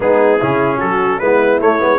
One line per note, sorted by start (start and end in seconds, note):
0.00 0.39 G#3
0.00 0.40 B3
0.00 0.38 D#4
0.00 0.80 G#4
0.38 0.82 C#3
0.38 1.21 C#4
0.38 0.77 E4
0.77 1.20 F#3
0.77 1.17 F#4
0.77 1.19 A4
1.19 1.60 G#3
1.19 1.60 B3
1.19 1.99 E4
1.19 1.59 B4
1.60 1.80 A3
1.60 1.79 A3
1.60 1.99 C#5
1.79 1.99 G#3
1.79 1.99 B3